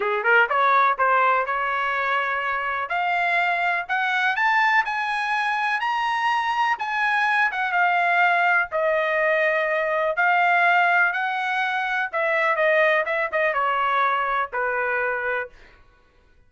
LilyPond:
\new Staff \with { instrumentName = "trumpet" } { \time 4/4 \tempo 4 = 124 gis'8 ais'8 cis''4 c''4 cis''4~ | cis''2 f''2 | fis''4 a''4 gis''2 | ais''2 gis''4. fis''8 |
f''2 dis''2~ | dis''4 f''2 fis''4~ | fis''4 e''4 dis''4 e''8 dis''8 | cis''2 b'2 | }